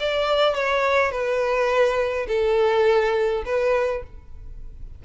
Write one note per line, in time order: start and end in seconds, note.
0.00 0.55 D5
0.55 1.11 C#5
1.11 2.27 B4
2.28 3.44 A4
3.46 4.03 B4